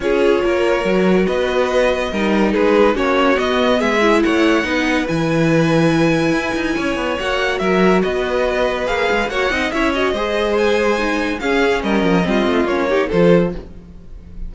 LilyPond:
<<
  \new Staff \with { instrumentName = "violin" } { \time 4/4 \tempo 4 = 142 cis''2. dis''4~ | dis''2 b'4 cis''4 | dis''4 e''4 fis''2 | gis''1~ |
gis''4 fis''4 e''4 dis''4~ | dis''4 f''4 fis''4 e''8 dis''8~ | dis''4 gis''2 f''4 | dis''2 cis''4 c''4 | }
  \new Staff \with { instrumentName = "violin" } { \time 4/4 gis'4 ais'2 b'4~ | b'4 ais'4 gis'4 fis'4~ | fis'4 gis'4 cis''4 b'4~ | b'1 |
cis''2 ais'4 b'4~ | b'2 cis''8 dis''8 cis''4 | c''2. gis'4 | ais'4 f'4. g'8 a'4 | }
  \new Staff \with { instrumentName = "viola" } { \time 4/4 f'2 fis'2~ | fis'4 dis'2 cis'4 | b4. e'4. dis'4 | e'1~ |
e'4 fis'2.~ | fis'4 gis'4 fis'8 dis'8 e'8 fis'8 | gis'2 dis'4 cis'4~ | cis'4 c'4 cis'8 dis'8 f'4 | }
  \new Staff \with { instrumentName = "cello" } { \time 4/4 cis'4 ais4 fis4 b4~ | b4 g4 gis4 ais4 | b4 gis4 a4 b4 | e2. e'8 dis'8 |
cis'8 b8 ais4 fis4 b4~ | b4 ais8 gis8 ais8 c'8 cis'4 | gis2. cis'4 | g8 f8 g8 a8 ais4 f4 | }
>>